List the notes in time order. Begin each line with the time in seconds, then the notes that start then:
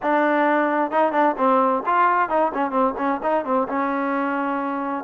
0.02 D4
0.91 D#4
1.12 D4
1.37 C4
1.85 F4
2.29 D#4
2.54 C#4
2.70 C4
2.97 C#4
3.22 D#4
3.44 C4
3.68 C#4